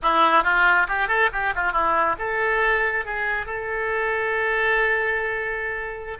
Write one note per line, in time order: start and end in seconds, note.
0.02 0.43 E4
0.43 0.87 F4
0.88 1.08 G4
1.08 1.29 A4
1.32 1.54 G4
1.55 1.72 F4
1.72 2.16 E4
2.18 3.05 A4
3.05 3.45 G#4
3.45 6.17 A4